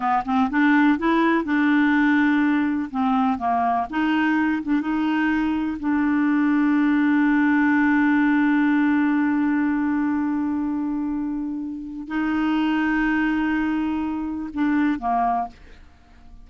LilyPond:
\new Staff \with { instrumentName = "clarinet" } { \time 4/4 \tempo 4 = 124 b8 c'8 d'4 e'4 d'4~ | d'2 c'4 ais4 | dis'4. d'8 dis'2 | d'1~ |
d'1~ | d'1~ | d'4 dis'2.~ | dis'2 d'4 ais4 | }